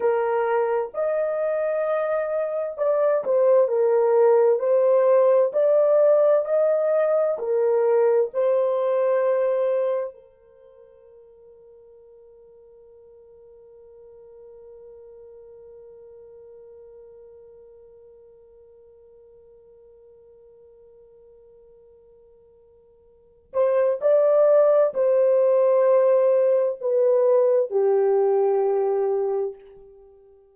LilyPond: \new Staff \with { instrumentName = "horn" } { \time 4/4 \tempo 4 = 65 ais'4 dis''2 d''8 c''8 | ais'4 c''4 d''4 dis''4 | ais'4 c''2 ais'4~ | ais'1~ |
ais'1~ | ais'1~ | ais'4. c''8 d''4 c''4~ | c''4 b'4 g'2 | }